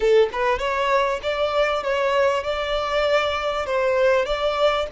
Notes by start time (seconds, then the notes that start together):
0.00 A4
0.32 B4
0.58 C#5
1.22 D5
1.83 C#5
2.43 D5
3.65 C5
4.25 D5